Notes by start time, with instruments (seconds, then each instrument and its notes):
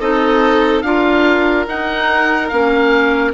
0.00 bassoon C4, clarinet D#4, violin A4, oboe D#5
0.82 bassoon D4, clarinet F4, violin A#4, oboe F5
1.67 clarinet D#4, bassoon D#4, oboe F#5
2.49 bassoon A#3, clarinet C#4, oboe F5